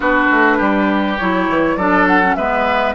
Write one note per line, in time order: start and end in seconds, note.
0.00 0.27 B3
0.00 1.17 D4
0.00 0.57 F#4
0.00 1.18 B4
0.30 0.59 A3
0.57 1.18 G3
0.57 1.75 G4
1.18 1.48 F#3
1.18 1.78 E4
1.18 1.76 C#5
1.48 1.76 E3
1.76 2.35 F#3
1.76 2.22 D4
1.76 2.36 A4
1.76 2.06 D5
2.06 2.35 F#5
2.22 2.37 C#4
2.35 2.95 G#3
2.35 2.95 B3
2.35 2.95 B4
2.35 2.94 E5